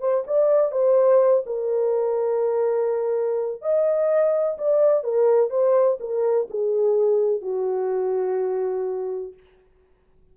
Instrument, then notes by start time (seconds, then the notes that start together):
horn
0.00 C5
0.27 D5
0.72 C5
1.46 A#4
3.62 D#5
4.58 D5
5.04 A#4
5.50 C5
6.00 A#4
6.50 G#4
7.42 F#4